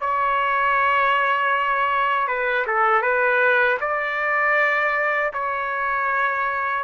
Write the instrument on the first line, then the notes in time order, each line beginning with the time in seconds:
trumpet
0.00 C#5
2.27 B4
2.67 A4
3.01 B4
3.80 D5
5.33 C#5